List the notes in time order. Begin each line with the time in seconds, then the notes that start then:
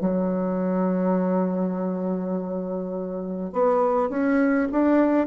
0.00 F#3
3.53 B3
4.10 C#4
4.72 D4